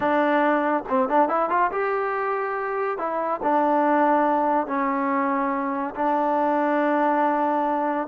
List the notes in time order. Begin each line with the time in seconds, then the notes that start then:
0.00 D4
0.88 C4
1.08 D4
1.28 E4
1.49 F4
1.71 G4
2.97 E4
3.42 D4
4.67 C#4
5.94 D4